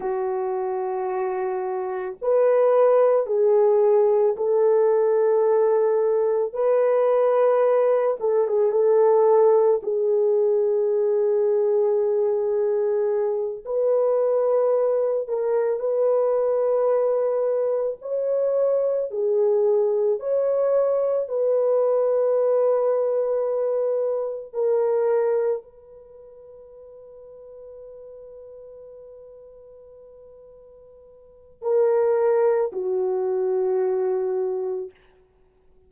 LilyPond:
\new Staff \with { instrumentName = "horn" } { \time 4/4 \tempo 4 = 55 fis'2 b'4 gis'4 | a'2 b'4. a'16 gis'16 | a'4 gis'2.~ | gis'8 b'4. ais'8 b'4.~ |
b'8 cis''4 gis'4 cis''4 b'8~ | b'2~ b'8 ais'4 b'8~ | b'1~ | b'4 ais'4 fis'2 | }